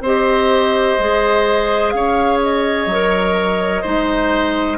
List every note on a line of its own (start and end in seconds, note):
0.00 0.95 C4
0.00 1.00 G4
0.00 1.93 C5
0.00 1.90 D#5
0.99 1.93 G#3
0.99 2.90 G#4
1.90 2.86 C#4
1.90 3.82 C#5
1.90 2.38 F5
2.42 4.78 D#5
2.86 3.82 F#3
2.86 3.84 A#4
3.82 4.78 G#3
3.82 4.78 D#4
3.82 4.77 C5